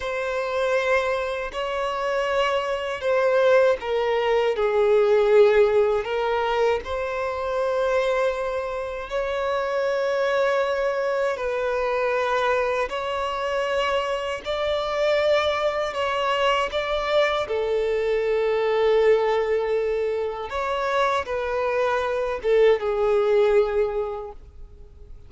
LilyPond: \new Staff \with { instrumentName = "violin" } { \time 4/4 \tempo 4 = 79 c''2 cis''2 | c''4 ais'4 gis'2 | ais'4 c''2. | cis''2. b'4~ |
b'4 cis''2 d''4~ | d''4 cis''4 d''4 a'4~ | a'2. cis''4 | b'4. a'8 gis'2 | }